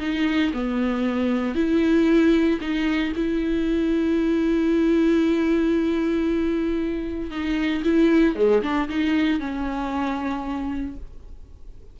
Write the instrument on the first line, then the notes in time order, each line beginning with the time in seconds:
viola
0.00 D#4
0.54 B3
1.55 E4
2.61 D#4
3.16 E4
7.31 D#4
7.84 E4
8.36 G#3
8.63 D4
8.89 D#4
9.40 C#4